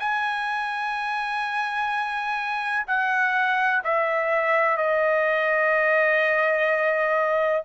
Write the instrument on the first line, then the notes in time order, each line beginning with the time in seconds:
trumpet
0.00 G#5
2.87 F#5
3.84 E5
4.77 D#5